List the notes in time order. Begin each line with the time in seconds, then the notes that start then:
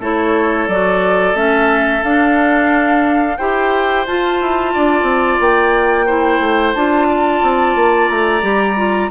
0.00 A3 E4 A4 C#5
0.67 F#3 F#4 D5
1.34 A3 C#4 E5
2.03 D4 F5
3.37 E4 G4 C5 G5
4.06 F4 A5
4.41 E4
4.73 D4 D5
5.03 C4
5.40 A#3 G5
6.06 E4 C5
6.39 A3
6.74 D4 F4 A5
7.09 D5
7.42 C4
7.75 A#3
8.09 A3 A#5
8.41 G3 G4
8.76 F4